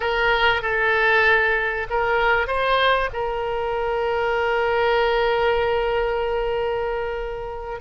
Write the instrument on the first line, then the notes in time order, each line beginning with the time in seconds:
oboe
0.00 A#4
0.62 A4
1.89 A#4
2.47 C5
3.13 A#4